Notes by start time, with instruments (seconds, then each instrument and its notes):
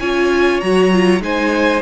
0.00 cello C#4, viola F4, violin C#5 G#5
0.61 cello F#3, viola F#4, violin A#5
0.92 viola F4
1.21 cello G#3, viola D#4, violin C5 G#5